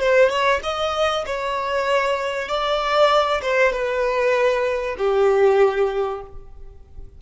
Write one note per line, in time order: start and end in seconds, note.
0.00 0.30 C5
0.30 0.60 C#5
0.63 1.25 D#5
1.26 2.49 C#5
2.49 3.41 D5
3.42 3.73 C5
3.73 4.96 B4
4.98 6.22 G4